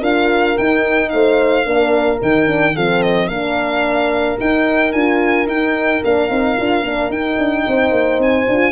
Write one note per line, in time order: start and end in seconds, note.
0.00 0.56 D4
0.00 0.56 F4
0.00 1.09 A#4
0.00 0.57 F5
0.56 1.65 D#4
0.56 1.12 D#4
0.56 1.09 G5
1.09 1.66 A3
1.09 1.66 C5
1.09 2.18 F5
1.65 2.20 A#3
1.65 2.19 D4
1.65 2.75 A#4
2.21 2.76 D#3
2.21 2.46 D#4
2.21 2.76 G5
2.46 2.73 D4
2.75 3.27 F3
2.75 3.30 C4
2.75 3.28 A4
2.75 3.02 F5
3.02 3.27 D#5
3.27 4.36 A#3
3.27 4.38 D4
3.27 7.65 A#4
3.27 4.36 F5
4.38 4.93 D#4
4.38 4.92 G5
4.92 5.46 D4
4.92 5.47 F4
4.92 5.46 G#5
5.46 6.01 D#4
5.46 6.03 D#4
5.46 6.03 G5
6.04 6.29 A#3
6.04 6.29 D4
6.04 7.11 F5
6.29 6.57 C4
6.29 6.56 D#4
6.56 6.82 D4
6.56 6.83 F4
6.82 7.09 A#3
6.82 7.11 D4
7.09 7.36 D#4
7.09 8.47 D#4
7.09 8.20 G5
7.38 7.65 D4
7.67 7.91 C4
7.67 8.71 C5
7.91 8.18 A#3
8.18 8.45 C4
8.18 8.71 G#5
8.48 8.71 D4
8.48 8.71 F4